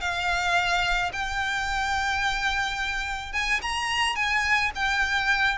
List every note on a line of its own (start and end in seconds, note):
0.00 1.11 F5
1.12 3.32 G5
3.32 3.60 G#5
3.61 4.15 A#5
4.15 4.71 G#5
4.75 5.58 G5